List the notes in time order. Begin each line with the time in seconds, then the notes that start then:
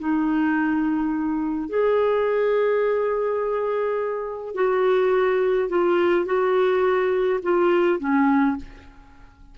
0.00 D#4
1.69 G#4
4.55 F#4
5.69 F4
6.26 F#4
7.43 F4
8.00 C#4